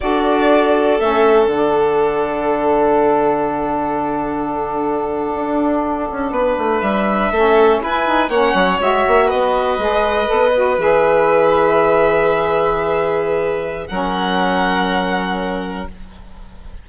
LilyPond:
<<
  \new Staff \with { instrumentName = "violin" } { \time 4/4 \tempo 4 = 121 d''2 e''4 fis''4~ | fis''1~ | fis''1~ | fis''4.~ fis''16 e''2 gis''16~ |
gis''8. fis''4 e''4 dis''4~ dis''16~ | dis''4.~ dis''16 e''2~ e''16~ | e''1 | fis''1 | }
  \new Staff \with { instrumentName = "violin" } { \time 4/4 a'1~ | a'1~ | a'1~ | a'8. b'2 a'4 b'16~ |
b'8. cis''2 b'4~ b'16~ | b'1~ | b'1 | ais'1 | }
  \new Staff \with { instrumentName = "saxophone" } { \time 4/4 fis'2 cis'4 d'4~ | d'1~ | d'1~ | d'2~ d'8. cis'4 e'16~ |
e'16 dis'8 cis'4 fis'2 gis'16~ | gis'8. a'8 fis'8 gis'2~ gis'16~ | gis'1 | cis'1 | }
  \new Staff \with { instrumentName = "bassoon" } { \time 4/4 d'2 a4 d4~ | d1~ | d2~ d8. d'4~ d'16~ | d'16 cis'8 b8 a8 g4 a4 e'16~ |
e'8. ais8 fis8 gis8 ais8 b4 gis16~ | gis8. b4 e2~ e16~ | e1 | fis1 | }
>>